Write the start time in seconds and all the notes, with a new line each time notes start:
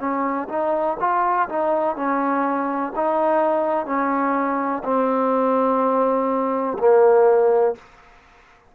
0.00 C#4
0.49 D#4
1.00 F4
1.49 D#4
1.96 C#4
2.96 D#4
3.86 C#4
4.84 C4
6.79 A#3